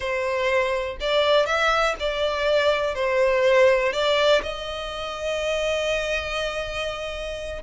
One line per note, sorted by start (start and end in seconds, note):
0.00 0.97 C5
1.00 1.46 D5
1.46 1.95 E5
1.99 2.95 D5
2.95 3.93 C5
3.93 4.42 D5
4.42 7.62 D#5